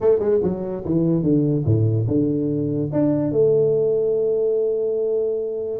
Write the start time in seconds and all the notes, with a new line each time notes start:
0.00 A3
0.19 G#3
0.43 F#3
0.84 E3
1.22 D3
1.65 A2
2.07 D3
2.92 D4
3.31 A3